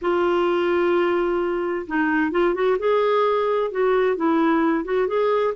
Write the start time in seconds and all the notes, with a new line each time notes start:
0.01 F4
1.87 D#4
2.31 F4
2.54 F#4
2.78 G#4
3.71 F#4
4.16 E4
4.84 F#4
5.07 G#4